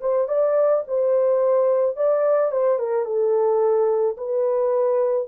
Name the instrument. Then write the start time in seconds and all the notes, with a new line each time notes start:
horn
0.00 C5
0.28 D5
0.87 C5
1.96 D5
2.51 C5
2.78 A#4
3.05 A4
4.17 B4